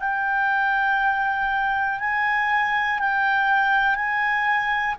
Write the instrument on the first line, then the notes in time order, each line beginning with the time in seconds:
clarinet
0.00 G5
2.00 G#5
3.00 G5
3.95 G#5